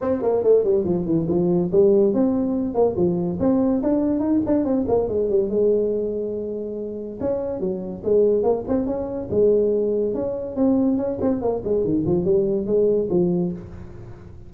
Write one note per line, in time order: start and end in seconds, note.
0.01 0.22 C4
0.22 0.43 A#3
0.43 0.64 A3
0.64 0.84 G3
0.84 1.05 F3
1.05 1.26 E3
1.28 1.70 F3
1.72 2.13 G3
2.13 2.74 C4
2.74 2.95 A#3
2.96 3.38 F3
3.39 3.81 C4
3.82 4.19 D4
4.19 4.40 D#4
4.46 4.64 D4
4.64 4.85 C4
4.88 5.08 A#3
5.08 5.29 G#3
5.29 5.49 G3
5.49 7.18 G#3
7.20 7.60 C#4
7.60 8.02 F#3
8.04 8.43 G#3
8.43 8.64 A#3
8.68 8.86 C4
8.86 9.28 C#4
9.30 10.14 G#3
10.14 10.56 C#4
10.56 10.97 C4
10.97 11.18 C#4
11.21 11.41 C4
11.41 11.62 A#3
11.64 11.84 G#3
11.84 12.05 D#3
12.06 12.24 F3
12.24 12.66 G3
12.66 13.09 G#3
13.10 13.52 F3